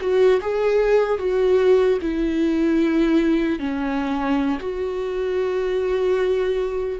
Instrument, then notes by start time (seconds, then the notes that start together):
viola
0.00 F#4
0.41 G#4
1.18 F#4
2.01 E4
3.59 C#4
4.59 F#4